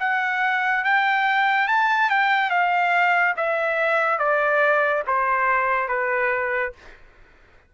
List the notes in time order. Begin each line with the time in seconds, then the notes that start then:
0.00 F#5
0.85 G5
1.68 A5
2.10 G5
2.50 F5
3.37 E5
4.19 D5
5.07 C5
5.88 B4